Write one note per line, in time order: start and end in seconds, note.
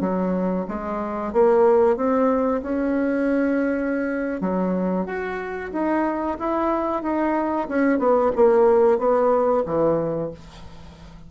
0.00 0.65 F#3
0.67 1.32 G#3
1.32 1.96 A#3
1.96 2.61 C4
2.62 4.41 C#4
4.41 5.06 F#3
5.06 5.71 F#4
5.72 6.37 D#4
6.39 7.02 E4
7.02 7.67 D#4
7.68 7.98 C#4
7.98 8.31 B3
8.35 8.98 A#3
8.98 9.63 B3
9.65 10.30 E3